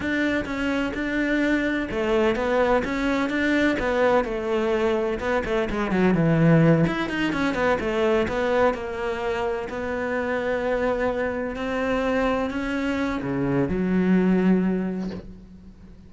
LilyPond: \new Staff \with { instrumentName = "cello" } { \time 4/4 \tempo 4 = 127 d'4 cis'4 d'2 | a4 b4 cis'4 d'4 | b4 a2 b8 a8 | gis8 fis8 e4. e'8 dis'8 cis'8 |
b8 a4 b4 ais4.~ | ais8 b2.~ b8~ | b8 c'2 cis'4. | cis4 fis2. | }